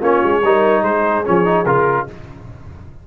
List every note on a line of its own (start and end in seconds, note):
0.00 0.22 A#3
0.00 0.42 C#4
0.00 0.41 F4
0.00 0.83 C#5
0.23 0.43 G#3
0.43 0.82 G3
0.43 1.24 D#4
0.43 0.83 A#4
0.82 1.23 G#3
0.82 2.05 G#4
0.82 1.24 C5
1.24 1.65 F3
1.24 1.45 C#4
1.24 1.65 C#5
1.45 1.65 D#4
1.65 2.06 C#3
1.65 2.07 F4
1.65 2.06 A#4